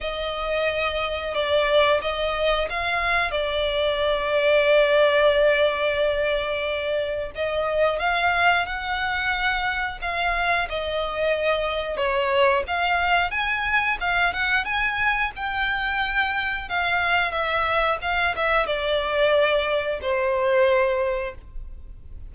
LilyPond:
\new Staff \with { instrumentName = "violin" } { \time 4/4 \tempo 4 = 90 dis''2 d''4 dis''4 | f''4 d''2.~ | d''2. dis''4 | f''4 fis''2 f''4 |
dis''2 cis''4 f''4 | gis''4 f''8 fis''8 gis''4 g''4~ | g''4 f''4 e''4 f''8 e''8 | d''2 c''2 | }